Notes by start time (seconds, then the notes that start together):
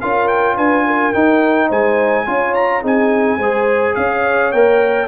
0.00 C#4 F4 A#4 F5
0.28 G5
0.56 D4 B4 G#5
0.86 A#4
1.13 D#4 G5
1.68 G#3 C5 G#5
2.26 C#4 F4 C#5
2.54 A#5
2.81 C4 D#4 G#4 G#5
3.37 G#3 G#4 C5
3.95 C#4 C#5 F5
4.51 A#3 A#4 G5